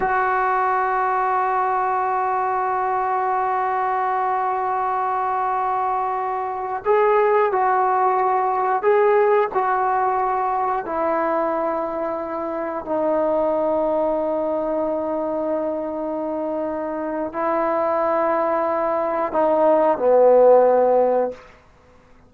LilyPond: \new Staff \with { instrumentName = "trombone" } { \time 4/4 \tempo 4 = 90 fis'1~ | fis'1~ | fis'2~ fis'16 gis'4 fis'8.~ | fis'4~ fis'16 gis'4 fis'4.~ fis'16~ |
fis'16 e'2. dis'8.~ | dis'1~ | dis'2 e'2~ | e'4 dis'4 b2 | }